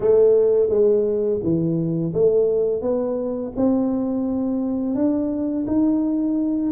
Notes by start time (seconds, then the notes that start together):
0.00 A3
0.69 G#3
1.42 E3
2.13 A3
2.81 B3
3.56 C4
4.95 D4
5.66 D#4